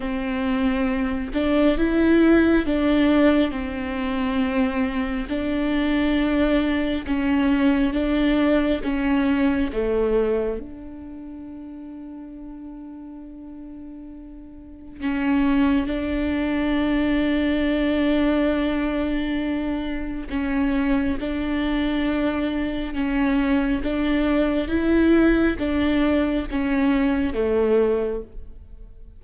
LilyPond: \new Staff \with { instrumentName = "viola" } { \time 4/4 \tempo 4 = 68 c'4. d'8 e'4 d'4 | c'2 d'2 | cis'4 d'4 cis'4 a4 | d'1~ |
d'4 cis'4 d'2~ | d'2. cis'4 | d'2 cis'4 d'4 | e'4 d'4 cis'4 a4 | }